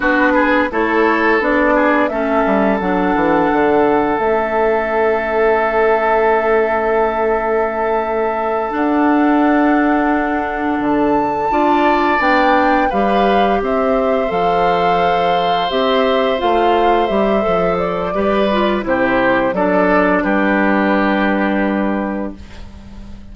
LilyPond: <<
  \new Staff \with { instrumentName = "flute" } { \time 4/4 \tempo 4 = 86 b'4 cis''4 d''4 e''4 | fis''2 e''2~ | e''1~ | e''8 fis''2. a''8~ |
a''4. g''4 f''4 e''8~ | e''8 f''2 e''4 f''8~ | f''8 e''4 d''4. c''4 | d''4 b'2. | }
  \new Staff \with { instrumentName = "oboe" } { \time 4/4 fis'8 gis'8 a'4. gis'8 a'4~ | a'1~ | a'1~ | a'1~ |
a'8 d''2 b'4 c''8~ | c''1~ | c''2 b'4 g'4 | a'4 g'2. | }
  \new Staff \with { instrumentName = "clarinet" } { \time 4/4 d'4 e'4 d'4 cis'4 | d'2 cis'2~ | cis'1~ | cis'8 d'2.~ d'8~ |
d'8 f'4 d'4 g'4.~ | g'8 a'2 g'4 f'8~ | f'8 g'8 a'4 g'8 f'8 e'4 | d'1 | }
  \new Staff \with { instrumentName = "bassoon" } { \time 4/4 b4 a4 b4 a8 g8 | fis8 e8 d4 a2~ | a1~ | a8 d'2. d8~ |
d8 d'4 b4 g4 c'8~ | c'8 f2 c'4 a8~ | a8 g8 f4 g4 c4 | fis4 g2. | }
>>